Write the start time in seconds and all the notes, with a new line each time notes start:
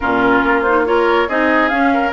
0.00 A#2 C#4 F4 A#4
0.43 A#3
0.62 D#4 C5
0.85 F4 A#4 C#5
1.28 C4 D#4 G#4 D#5
1.68 C#4 F5
1.93 A#4